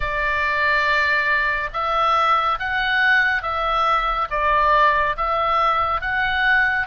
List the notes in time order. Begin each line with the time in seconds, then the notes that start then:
0.00 D5
1.73 E5
2.59 F#5
3.42 E5
4.30 D5
5.16 E5
6.01 F#5